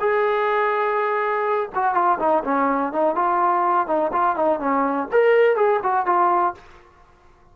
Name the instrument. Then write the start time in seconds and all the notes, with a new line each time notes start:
trombone
0.00 G#4
1.75 F#4
1.94 F4
2.19 D#4
2.44 C#4
2.93 D#4
3.15 F4
3.87 D#4
4.12 F4
4.36 D#4
4.60 C#4
5.12 A#4
5.56 G#4
5.83 F#4
6.06 F4